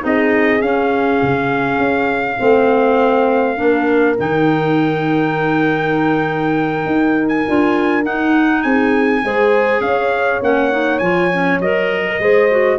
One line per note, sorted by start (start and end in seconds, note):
0.00 0.61 C4
0.00 0.59 D#4
0.00 2.39 G#4
0.00 0.62 D#5
0.61 1.21 C#4
0.61 2.38 C#4
0.61 4.18 F5
1.23 1.78 C#3
1.78 2.38 C#4
2.38 3.59 A3
2.38 3.57 C4
2.38 3.58 C5
3.57 4.18 A#3
3.57 4.16 D4
3.57 8.63 A#4
4.18 6.86 D#3
4.18 7.45 D#4
4.18 7.29 G5
6.86 7.46 D#4
7.29 8.03 G#5
7.48 8.05 D4
7.48 8.03 F4
8.03 9.22 D#4
8.03 8.65 D#4
8.03 8.62 F#5
8.62 9.24 C4
8.62 9.23 G#4
8.62 9.81 G#5
9.24 9.81 G#3
9.24 10.42 G#4
9.24 9.82 C5
9.81 10.40 C#4
9.81 12.05 C#5
9.81 10.41 F5
10.42 11.01 A#3
10.42 10.72 C#4
10.42 10.99 F#5
10.72 11.01 D#4
10.99 11.60 F3
10.99 11.31 F4
10.99 11.59 G#5
11.32 11.61 C#4
11.60 12.19 F#3
11.60 12.21 A#4
11.60 12.79 D#5
12.06 12.21 A#4
12.19 12.79 G#3
12.19 12.51 G#4
12.19 12.79 C5
12.51 12.79 F#4